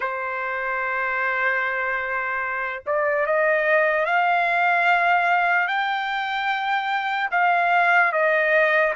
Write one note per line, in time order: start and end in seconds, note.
0.00 2.82 C5
2.86 3.26 D5
3.26 4.05 D#5
4.05 5.67 F5
5.68 7.30 G5
7.31 8.12 F5
8.12 8.93 D#5